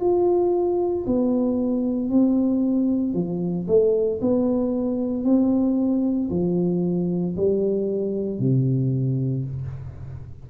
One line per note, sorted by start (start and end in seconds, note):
0.00 1.05 F4
1.06 2.10 B3
2.10 3.14 C4
3.14 3.67 F3
3.67 4.20 A3
4.22 5.24 B3
5.24 6.29 C4
6.30 7.35 F3
7.36 8.39 G3
8.39 9.44 C3